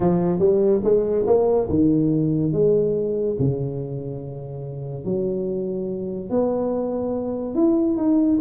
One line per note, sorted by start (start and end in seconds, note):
0.00 0.39 F3
0.39 0.81 G3
0.84 1.26 G#3
1.26 1.68 A#3
1.69 2.52 D#3
2.52 3.36 G#3
3.39 5.04 C#3
5.04 6.30 F#3
6.30 7.54 B3
7.54 7.96 E4
7.96 8.38 D#4